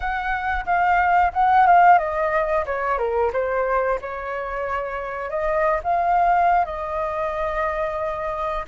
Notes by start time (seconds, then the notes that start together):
0.00 F#5
0.65 F5
1.33 F#5
1.67 F5
1.98 D#5
2.65 C#5
2.98 A#4
3.32 C5
4.01 C#5
5.30 D#5
5.83 F5
6.65 D#5